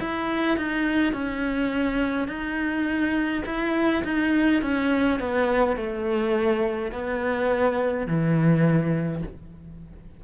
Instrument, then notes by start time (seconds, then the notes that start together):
cello
0.00 E4
0.58 D#4
1.13 C#4
2.28 D#4
3.46 E4
4.04 D#4
4.63 C#4
5.20 B3
5.77 A3
6.92 B3
8.07 E3